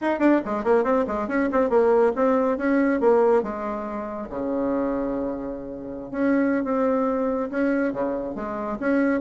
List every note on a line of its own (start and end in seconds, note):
0.01 0.19 D#4
0.19 0.40 D4
0.45 0.64 G#3
0.64 0.84 A#3
0.84 1.05 C4
1.07 1.28 G#3
1.28 1.49 C#4
1.52 1.69 C4
1.69 2.12 A#3
2.15 2.57 C4
2.57 3.00 C#4
3.00 3.42 A#3
3.42 4.28 G#3
4.29 6.11 C#3
6.11 6.64 C#4
6.64 7.49 C4
7.50 7.92 C#4
7.92 8.35 C#3
8.35 8.78 G#3
8.80 9.20 C#4